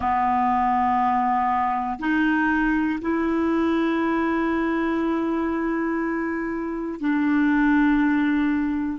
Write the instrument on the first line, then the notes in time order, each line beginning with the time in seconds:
clarinet
0.00 B3
1.99 D#4
3.00 E4
7.00 D4